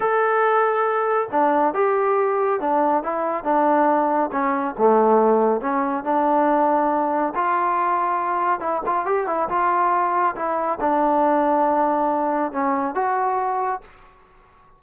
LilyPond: \new Staff \with { instrumentName = "trombone" } { \time 4/4 \tempo 4 = 139 a'2. d'4 | g'2 d'4 e'4 | d'2 cis'4 a4~ | a4 cis'4 d'2~ |
d'4 f'2. | e'8 f'8 g'8 e'8 f'2 | e'4 d'2.~ | d'4 cis'4 fis'2 | }